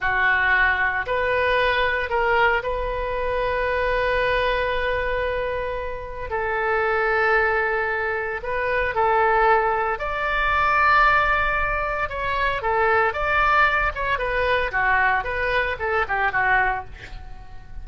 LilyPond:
\new Staff \with { instrumentName = "oboe" } { \time 4/4 \tempo 4 = 114 fis'2 b'2 | ais'4 b'2.~ | b'1 | a'1 |
b'4 a'2 d''4~ | d''2. cis''4 | a'4 d''4. cis''8 b'4 | fis'4 b'4 a'8 g'8 fis'4 | }